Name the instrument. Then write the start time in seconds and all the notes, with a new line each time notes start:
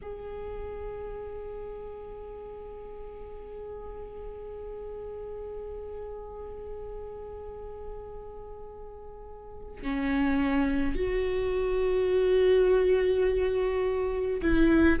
viola
0.02 G#4
9.82 C#4
10.95 F#4
14.42 E4